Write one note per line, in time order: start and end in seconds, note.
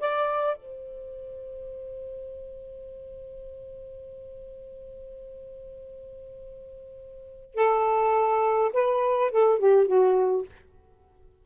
0.00 0.57 D5
0.57 7.55 C5
7.55 8.72 A4
8.74 9.32 B4
9.32 9.59 A4
9.59 9.88 G4
9.88 10.46 F#4